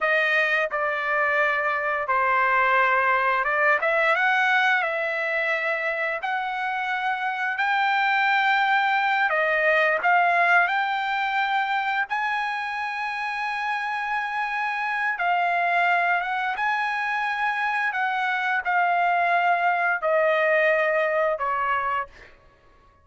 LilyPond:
\new Staff \with { instrumentName = "trumpet" } { \time 4/4 \tempo 4 = 87 dis''4 d''2 c''4~ | c''4 d''8 e''8 fis''4 e''4~ | e''4 fis''2 g''4~ | g''4. dis''4 f''4 g''8~ |
g''4. gis''2~ gis''8~ | gis''2 f''4. fis''8 | gis''2 fis''4 f''4~ | f''4 dis''2 cis''4 | }